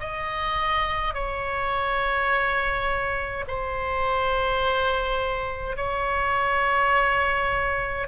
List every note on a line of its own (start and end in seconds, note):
0.00 1.14 D#5
1.14 3.45 C#5
3.47 5.76 C5
5.76 8.07 C#5